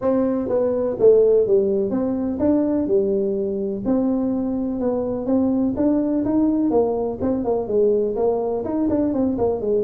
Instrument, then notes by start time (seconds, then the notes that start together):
tuba
0.01 C4
0.48 B3
0.99 A3
1.46 G3
1.90 C4
2.39 D4
2.87 G3
3.85 C4
4.80 B3
5.26 C4
5.76 D4
6.24 D#4
6.70 A#3
7.21 C4
7.44 A#3
7.67 G#3
8.16 A#3
8.64 D#4
8.89 D4
9.13 C4
9.38 A#3
9.60 G#3